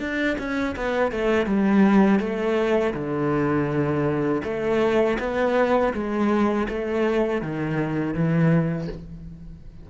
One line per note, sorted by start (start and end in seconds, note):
0.00 0.37 D4
0.39 0.76 C#4
0.76 1.12 B3
1.12 1.46 A3
1.46 2.20 G3
2.20 2.94 A3
2.94 4.42 D3
4.44 5.19 A3
5.20 5.94 B3
5.94 6.68 G#3
6.69 7.42 A3
7.42 8.14 D#3
8.14 8.89 E3